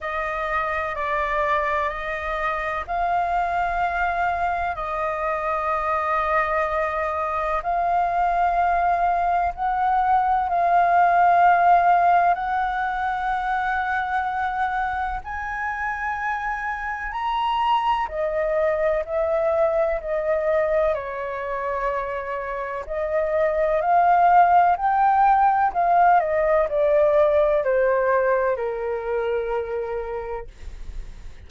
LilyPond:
\new Staff \with { instrumentName = "flute" } { \time 4/4 \tempo 4 = 63 dis''4 d''4 dis''4 f''4~ | f''4 dis''2. | f''2 fis''4 f''4~ | f''4 fis''2. |
gis''2 ais''4 dis''4 | e''4 dis''4 cis''2 | dis''4 f''4 g''4 f''8 dis''8 | d''4 c''4 ais'2 | }